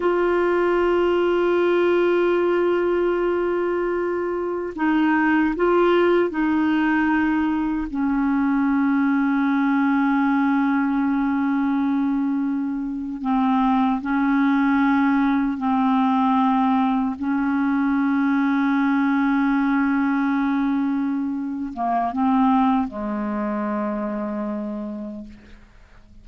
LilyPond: \new Staff \with { instrumentName = "clarinet" } { \time 4/4 \tempo 4 = 76 f'1~ | f'2 dis'4 f'4 | dis'2 cis'2~ | cis'1~ |
cis'8. c'4 cis'2 c'16~ | c'4.~ c'16 cis'2~ cis'16~ | cis'2.~ cis'8 ais8 | c'4 gis2. | }